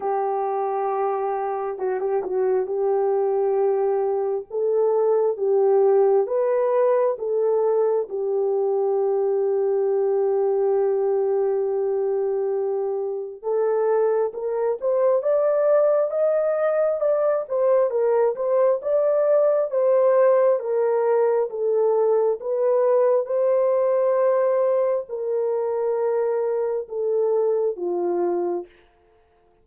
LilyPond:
\new Staff \with { instrumentName = "horn" } { \time 4/4 \tempo 4 = 67 g'2 fis'16 g'16 fis'8 g'4~ | g'4 a'4 g'4 b'4 | a'4 g'2.~ | g'2. a'4 |
ais'8 c''8 d''4 dis''4 d''8 c''8 | ais'8 c''8 d''4 c''4 ais'4 | a'4 b'4 c''2 | ais'2 a'4 f'4 | }